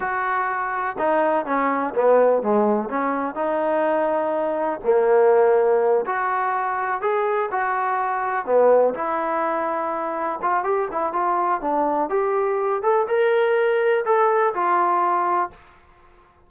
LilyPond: \new Staff \with { instrumentName = "trombone" } { \time 4/4 \tempo 4 = 124 fis'2 dis'4 cis'4 | b4 gis4 cis'4 dis'4~ | dis'2 ais2~ | ais8 fis'2 gis'4 fis'8~ |
fis'4. b4 e'4.~ | e'4. f'8 g'8 e'8 f'4 | d'4 g'4. a'8 ais'4~ | ais'4 a'4 f'2 | }